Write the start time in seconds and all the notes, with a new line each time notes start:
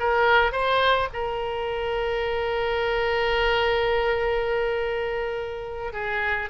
0.00 A#4
0.52 C5
1.14 A#4
5.94 G#4